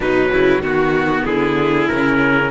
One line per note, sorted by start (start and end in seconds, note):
0.00 0.29 B2
0.00 0.62 F#3
0.00 0.30 D#4
0.00 0.64 B4
0.33 0.59 C#3
0.33 0.62 E4
0.59 1.22 D#3
0.59 1.89 B3
0.59 1.25 F#4
0.59 1.26 F#4
1.25 1.89 D3
1.25 2.51 E4
1.25 1.87 G#4
1.87 2.51 C#3
1.87 2.51 C#4
1.87 2.50 A#4